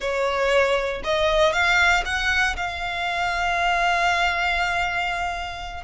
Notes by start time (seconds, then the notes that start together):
0.00 C#5
1.04 D#5
1.53 F5
2.05 F#5
2.56 F5